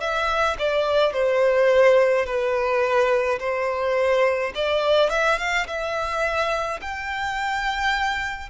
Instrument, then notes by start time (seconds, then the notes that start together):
violin
0.00 E5
0.59 D5
1.13 C5
2.26 B4
3.40 C5
4.55 D5
5.10 E5
5.38 F5
5.67 E5
6.81 G5